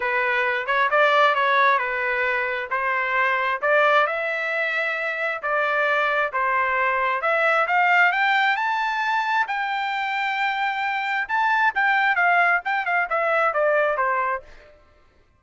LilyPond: \new Staff \with { instrumentName = "trumpet" } { \time 4/4 \tempo 4 = 133 b'4. cis''8 d''4 cis''4 | b'2 c''2 | d''4 e''2. | d''2 c''2 |
e''4 f''4 g''4 a''4~ | a''4 g''2.~ | g''4 a''4 g''4 f''4 | g''8 f''8 e''4 d''4 c''4 | }